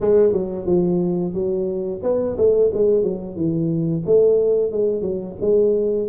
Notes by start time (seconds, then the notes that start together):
0.00 G#3
0.32 F#3
0.66 F3
1.33 F#3
2.02 B3
2.37 A3
2.73 G#3
3.03 F#3
3.36 E3
4.06 A3
4.71 G#3
5.01 F#3
5.41 G#3